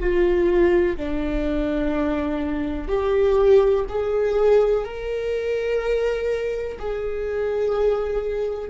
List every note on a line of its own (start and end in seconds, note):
0.00 0.97 F4
0.97 2.88 D4
2.88 3.85 G4
3.89 4.85 G#4
4.85 6.78 A#4
6.79 8.71 G#4